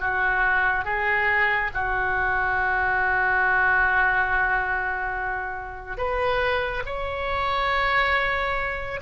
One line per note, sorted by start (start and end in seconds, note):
0.00 0.85 F#4
0.85 1.70 G#4
1.74 5.97 F#4
5.97 6.83 B4
6.86 9.00 C#5